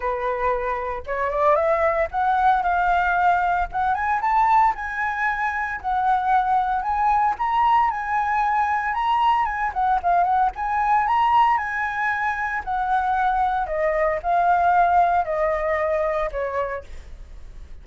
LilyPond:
\new Staff \with { instrumentName = "flute" } { \time 4/4 \tempo 4 = 114 b'2 cis''8 d''8 e''4 | fis''4 f''2 fis''8 gis''8 | a''4 gis''2 fis''4~ | fis''4 gis''4 ais''4 gis''4~ |
gis''4 ais''4 gis''8 fis''8 f''8 fis''8 | gis''4 ais''4 gis''2 | fis''2 dis''4 f''4~ | f''4 dis''2 cis''4 | }